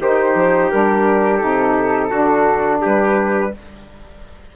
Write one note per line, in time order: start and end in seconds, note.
0.00 0.35 D#3
0.00 0.72 D#4
0.00 2.11 G4
0.00 0.70 C5
0.35 0.70 F3
0.70 1.43 G3
0.70 1.40 D4
0.70 1.38 A#4
1.38 2.11 C3
1.38 2.11 D#4
1.38 2.79 A4
2.11 2.82 D3
2.11 3.54 D4
2.11 2.81 F#4
2.82 3.56 G3
2.82 3.52 G4
2.82 3.56 B4